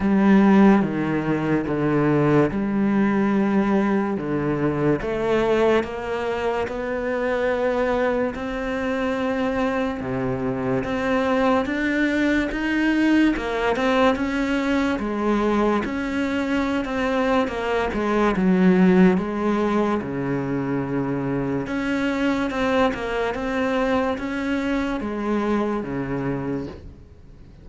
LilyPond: \new Staff \with { instrumentName = "cello" } { \time 4/4 \tempo 4 = 72 g4 dis4 d4 g4~ | g4 d4 a4 ais4 | b2 c'2 | c4 c'4 d'4 dis'4 |
ais8 c'8 cis'4 gis4 cis'4~ | cis'16 c'8. ais8 gis8 fis4 gis4 | cis2 cis'4 c'8 ais8 | c'4 cis'4 gis4 cis4 | }